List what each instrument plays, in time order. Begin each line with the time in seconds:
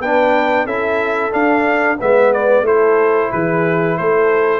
0.00 tuba B3, trombone D4, horn B4, trumpet G5
0.66 tuba C#4, trombone E4, horn A4, trumpet E5
1.31 trombone D4, tuba D4, trumpet F5
2.00 tuba G#3, trombone B3, horn B4, trumpet E5
2.33 trumpet D5
2.62 tuba A3, trombone E4, horn A4, trumpet C5
3.32 tuba E3, horn G#4, trumpet B4
3.98 tuba A3, horn A4, trumpet C5